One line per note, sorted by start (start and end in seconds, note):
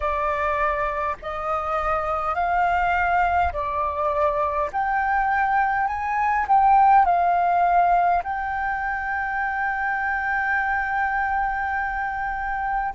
0.00 1.16 D5
1.21 2.34 D#5
2.34 3.52 F5
3.52 4.70 D5
4.72 5.87 G5
5.87 6.45 G#5
6.48 7.05 G5
7.05 8.22 F5
8.24 12.94 G5